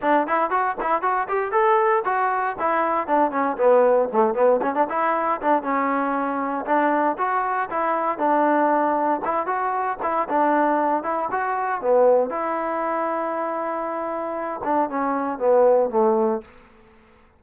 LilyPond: \new Staff \with { instrumentName = "trombone" } { \time 4/4 \tempo 4 = 117 d'8 e'8 fis'8 e'8 fis'8 g'8 a'4 | fis'4 e'4 d'8 cis'8 b4 | a8 b8 cis'16 d'16 e'4 d'8 cis'4~ | cis'4 d'4 fis'4 e'4 |
d'2 e'8 fis'4 e'8 | d'4. e'8 fis'4 b4 | e'1~ | e'8 d'8 cis'4 b4 a4 | }